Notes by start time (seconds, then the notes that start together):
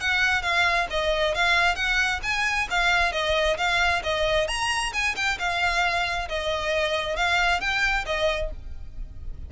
0.00 F#5
0.42 F5
0.90 D#5
1.34 F5
1.75 F#5
2.23 G#5
2.70 F5
3.12 D#5
3.57 F5
4.03 D#5
4.48 A#5
4.93 G#5
5.15 G5
5.38 F5
6.28 D#5
7.16 F5
7.60 G5
8.05 D#5